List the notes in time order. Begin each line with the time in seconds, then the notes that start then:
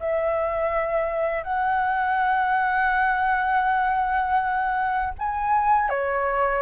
0.00 E5
1.43 F#5
5.19 G#5
5.90 C#5